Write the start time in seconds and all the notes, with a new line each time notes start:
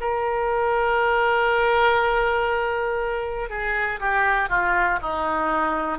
0.00 A#4
3.50 G#4
4.00 G4
4.49 F4
5.01 D#4